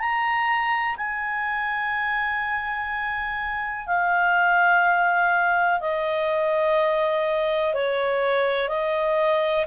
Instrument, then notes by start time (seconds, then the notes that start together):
clarinet
0.00 A#5
0.97 G#5
3.87 F5
5.81 D#5
7.75 C#5
8.69 D#5